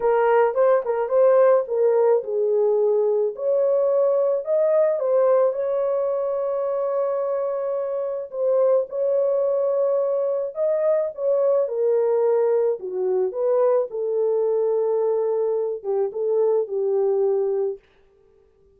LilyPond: \new Staff \with { instrumentName = "horn" } { \time 4/4 \tempo 4 = 108 ais'4 c''8 ais'8 c''4 ais'4 | gis'2 cis''2 | dis''4 c''4 cis''2~ | cis''2. c''4 |
cis''2. dis''4 | cis''4 ais'2 fis'4 | b'4 a'2.~ | a'8 g'8 a'4 g'2 | }